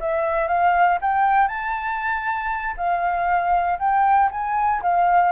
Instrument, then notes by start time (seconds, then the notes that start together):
flute
0.00 E5
0.47 F5
1.01 G5
1.47 A5
2.77 F5
3.79 G5
4.31 G#5
4.82 F5